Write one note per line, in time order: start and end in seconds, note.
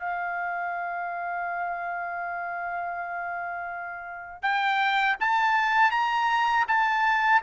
0.00 4.43 F5
4.43 5.17 G5
5.21 5.92 A5
5.92 6.66 A#5
6.68 7.42 A5